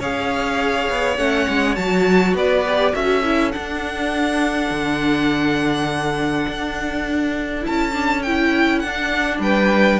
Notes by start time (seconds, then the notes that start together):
0.00 C#4 G#4 C#5 F5
0.89 B3
1.18 A3 C#4 F#5
1.48 G#3
1.75 F#3 F#4 A5
2.34 B3 B4 D5
2.67 G4
2.93 C#4 F#4 A4 E5
3.24 E4
3.52 D4 F#5
4.70 D3
6.48 D4
7.62 E4 A5
7.68 C#4
7.93 D4
8.23 E4 G5
8.80 D4 F#5
8.86 D4
9.40 G3 B4 G5